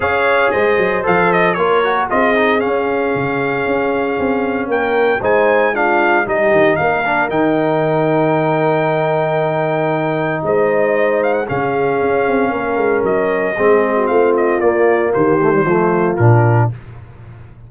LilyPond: <<
  \new Staff \with { instrumentName = "trumpet" } { \time 4/4 \tempo 4 = 115 f''4 dis''4 f''8 dis''8 cis''4 | dis''4 f''2.~ | f''4 g''4 gis''4 f''4 | dis''4 f''4 g''2~ |
g''1 | dis''4. f''16 fis''16 f''2~ | f''4 dis''2 f''8 dis''8 | d''4 c''2 ais'4 | }
  \new Staff \with { instrumentName = "horn" } { \time 4/4 cis''4 c''2 ais'4 | gis'1~ | gis'4 ais'4 c''4 f'4 | g'4 ais'2.~ |
ais'1 | c''2 gis'2 | ais'2 gis'8. fis'16 f'4~ | f'4 g'4 f'2 | }
  \new Staff \with { instrumentName = "trombone" } { \time 4/4 gis'2 a'4 f'8 fis'8 | f'8 dis'8 cis'2.~ | cis'2 dis'4 d'4 | dis'4. d'8 dis'2~ |
dis'1~ | dis'2 cis'2~ | cis'2 c'2 | ais4. a16 g16 a4 d'4 | }
  \new Staff \with { instrumentName = "tuba" } { \time 4/4 cis'4 gis8 fis8 f4 ais4 | c'4 cis'4 cis4 cis'4 | c'4 ais4 gis2 | g8 dis8 ais4 dis2~ |
dis1 | gis2 cis4 cis'8 c'8 | ais8 gis8 fis4 gis4 a4 | ais4 dis4 f4 ais,4 | }
>>